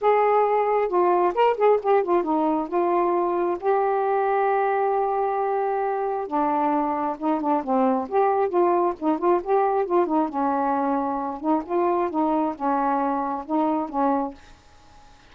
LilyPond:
\new Staff \with { instrumentName = "saxophone" } { \time 4/4 \tempo 4 = 134 gis'2 f'4 ais'8 gis'8 | g'8 f'8 dis'4 f'2 | g'1~ | g'2 d'2 |
dis'8 d'8 c'4 g'4 f'4 | dis'8 f'8 g'4 f'8 dis'8 cis'4~ | cis'4. dis'8 f'4 dis'4 | cis'2 dis'4 cis'4 | }